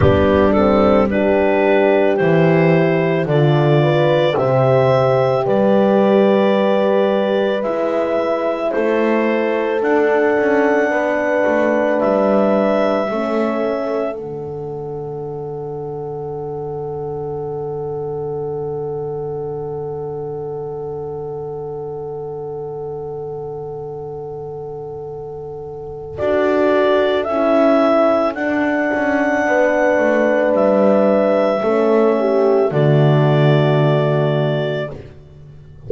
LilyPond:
<<
  \new Staff \with { instrumentName = "clarinet" } { \time 4/4 \tempo 4 = 55 g'8 a'8 b'4 c''4 d''4 | e''4 d''2 e''4 | c''4 fis''2 e''4~ | e''4 fis''2.~ |
fis''1~ | fis''1 | d''4 e''4 fis''2 | e''2 d''2 | }
  \new Staff \with { instrumentName = "horn" } { \time 4/4 d'4 g'2 a'8 b'8 | c''4 b'2. | a'2 b'2 | a'1~ |
a'1~ | a'1~ | a'2. b'4~ | b'4 a'8 g'8 fis'2 | }
  \new Staff \with { instrumentName = "horn" } { \time 4/4 b8 c'8 d'4 e'4 f'4 | g'2. e'4~ | e'4 d'2. | cis'4 d'2.~ |
d'1~ | d'1 | fis'4 e'4 d'2~ | d'4 cis'4 a2 | }
  \new Staff \with { instrumentName = "double bass" } { \time 4/4 g2 e4 d4 | c4 g2 gis4 | a4 d'8 cis'8 b8 a8 g4 | a4 d2.~ |
d1~ | d1 | d'4 cis'4 d'8 cis'8 b8 a8 | g4 a4 d2 | }
>>